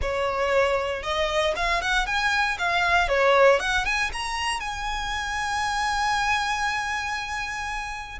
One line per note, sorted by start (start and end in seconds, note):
0.01 1.02 C#5
1.02 1.54 D#5
1.55 1.81 F5
1.81 2.06 F#5
2.06 2.57 G#5
2.58 3.08 F5
3.08 3.59 C#5
3.59 3.85 F#5
3.85 4.10 G#5
4.13 4.59 A#5
4.59 8.18 G#5